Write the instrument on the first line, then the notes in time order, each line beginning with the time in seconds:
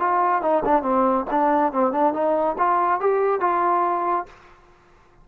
trombone
0.00 F4
0.42 D#4
0.65 D4
0.83 C4
1.31 D4
1.72 C4
1.92 D4
2.13 D#4
2.58 F4
3.01 G4
3.41 F4